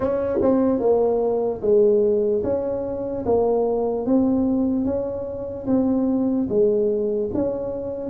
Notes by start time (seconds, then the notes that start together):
0.00 C#4
0.41 C4
0.79 A#3
1.61 G#3
2.43 C#4
3.25 A#3
4.05 C4
4.85 C#4
5.66 C4
6.49 G#3
7.33 C#4